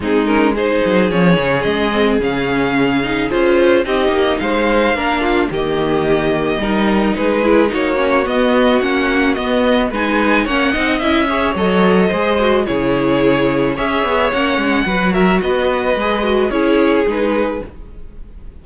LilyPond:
<<
  \new Staff \with { instrumentName = "violin" } { \time 4/4 \tempo 4 = 109 gis'8 ais'8 c''4 cis''4 dis''4 | f''2 c''4 dis''4 | f''2 dis''2~ | dis''4 b'4 cis''4 dis''4 |
fis''4 dis''4 gis''4 fis''4 | e''4 dis''2 cis''4~ | cis''4 e''4 fis''4. e''8 | dis''2 cis''4 b'4 | }
  \new Staff \with { instrumentName = "violin" } { \time 4/4 dis'4 gis'2.~ | gis'2. g'4 | c''4 ais'8 f'8 g'2 | ais'4 gis'4 fis'2~ |
fis'2 b'4 cis''8 dis''8~ | dis''8 cis''4. c''4 gis'4~ | gis'4 cis''2 b'8 ais'8 | b'2 gis'2 | }
  \new Staff \with { instrumentName = "viola" } { \time 4/4 c'8 cis'8 dis'4 cis'4. c'8 | cis'4. dis'8 f'4 dis'4~ | dis'4 d'4 ais2 | dis'4. e'8 dis'8 cis'8 b4 |
cis'4 b4 dis'4 cis'8 dis'8 | e'8 gis'8 a'4 gis'8 fis'8 e'4~ | e'4 gis'4 cis'4 fis'4~ | fis'4 gis'8 fis'8 e'4 dis'4 | }
  \new Staff \with { instrumentName = "cello" } { \time 4/4 gis4. fis8 f8 cis8 gis4 | cis2 cis'4 c'8 ais8 | gis4 ais4 dis2 | g4 gis4 ais4 b4 |
ais4 b4 gis4 ais8 c'8 | cis'4 fis4 gis4 cis4~ | cis4 cis'8 b8 ais8 gis8 fis4 | b4 gis4 cis'4 gis4 | }
>>